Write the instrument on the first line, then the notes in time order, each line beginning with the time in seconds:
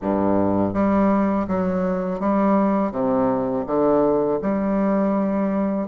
bassoon
0.01 G2
0.73 G3
1.47 F#3
2.20 G3
2.91 C3
3.66 D3
4.42 G3